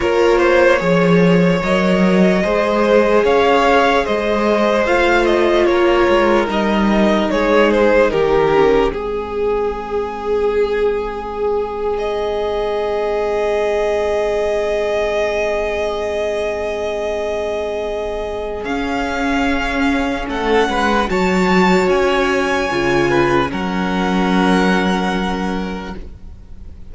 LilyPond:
<<
  \new Staff \with { instrumentName = "violin" } { \time 4/4 \tempo 4 = 74 cis''2 dis''2 | f''4 dis''4 f''8 dis''8 cis''4 | dis''4 cis''8 c''8 ais'4 gis'4~ | gis'2~ gis'8. dis''4~ dis''16~ |
dis''1~ | dis''2. f''4~ | f''4 fis''4 a''4 gis''4~ | gis''4 fis''2. | }
  \new Staff \with { instrumentName = "violin" } { \time 4/4 ais'8 c''8 cis''2 c''4 | cis''4 c''2 ais'4~ | ais'4 gis'4 g'4 gis'4~ | gis'1~ |
gis'1~ | gis'1~ | gis'4 a'8 b'8 cis''2~ | cis''8 b'8 ais'2. | }
  \new Staff \with { instrumentName = "viola" } { \time 4/4 f'4 gis'4 ais'4 gis'4~ | gis'2 f'2 | dis'2~ dis'8 cis'8 c'4~ | c'1~ |
c'1~ | c'2. cis'4~ | cis'2 fis'2 | f'4 cis'2. | }
  \new Staff \with { instrumentName = "cello" } { \time 4/4 ais4 f4 fis4 gis4 | cis'4 gis4 a4 ais8 gis8 | g4 gis4 dis4 gis4~ | gis1~ |
gis1~ | gis2. cis'4~ | cis'4 a8 gis8 fis4 cis'4 | cis4 fis2. | }
>>